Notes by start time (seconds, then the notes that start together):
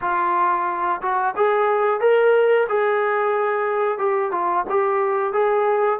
0.01 F4
1.01 F#4
1.36 G#4
2.00 A#4
2.68 G#4
3.98 G4
4.31 F4
4.69 G4
5.32 G#4